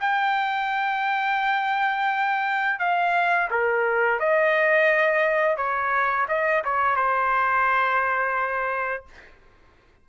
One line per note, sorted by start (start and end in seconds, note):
0.00 2.79 G5
2.79 3.49 F5
3.50 4.20 A#4
4.20 5.57 D#5
5.57 6.27 C#5
6.28 6.63 D#5
6.64 6.96 C#5
6.96 9.05 C5